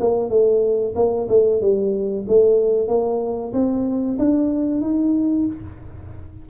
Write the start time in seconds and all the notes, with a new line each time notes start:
0.00 A#3
0.29 A3
0.95 A#3
1.28 A3
1.61 G3
2.27 A3
2.88 A#3
3.53 C4
4.18 D4
4.81 D#4